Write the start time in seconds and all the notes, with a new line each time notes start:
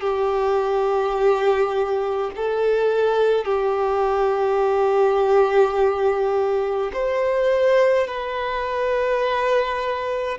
0.00 G4
2.35 A4
3.45 G4
6.93 C5
8.07 B4